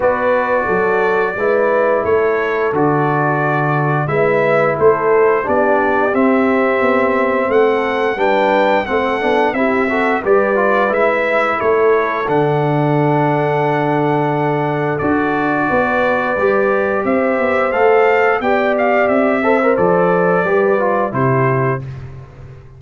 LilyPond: <<
  \new Staff \with { instrumentName = "trumpet" } { \time 4/4 \tempo 4 = 88 d''2. cis''4 | d''2 e''4 c''4 | d''4 e''2 fis''4 | g''4 fis''4 e''4 d''4 |
e''4 cis''4 fis''2~ | fis''2 d''2~ | d''4 e''4 f''4 g''8 f''8 | e''4 d''2 c''4 | }
  \new Staff \with { instrumentName = "horn" } { \time 4/4 b'4 a'4 b'4 a'4~ | a'2 b'4 a'4 | g'2. a'4 | b'4 a'4 g'8 a'8 b'4~ |
b'4 a'2.~ | a'2. b'4~ | b'4 c''2 d''4~ | d''8 c''4. b'4 g'4 | }
  \new Staff \with { instrumentName = "trombone" } { \time 4/4 fis'2 e'2 | fis'2 e'2 | d'4 c'2. | d'4 c'8 d'8 e'8 fis'8 g'8 f'8 |
e'2 d'2~ | d'2 fis'2 | g'2 a'4 g'4~ | g'8 a'16 ais'16 a'4 g'8 f'8 e'4 | }
  \new Staff \with { instrumentName = "tuba" } { \time 4/4 b4 fis4 gis4 a4 | d2 gis4 a4 | b4 c'4 b4 a4 | g4 a8 b8 c'4 g4 |
gis4 a4 d2~ | d2 d'4 b4 | g4 c'8 b8 a4 b4 | c'4 f4 g4 c4 | }
>>